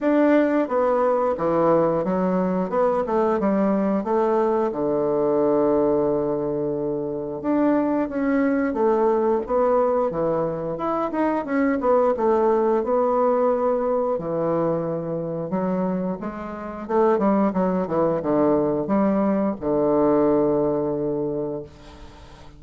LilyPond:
\new Staff \with { instrumentName = "bassoon" } { \time 4/4 \tempo 4 = 89 d'4 b4 e4 fis4 | b8 a8 g4 a4 d4~ | d2. d'4 | cis'4 a4 b4 e4 |
e'8 dis'8 cis'8 b8 a4 b4~ | b4 e2 fis4 | gis4 a8 g8 fis8 e8 d4 | g4 d2. | }